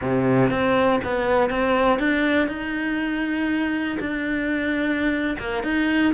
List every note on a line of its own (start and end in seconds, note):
0.01 0.50 C3
0.50 1.00 C4
1.03 1.50 B3
1.50 1.99 C4
1.99 2.48 D4
2.48 3.97 D#4
3.99 5.37 D4
5.38 5.63 A#3
5.63 6.13 D#4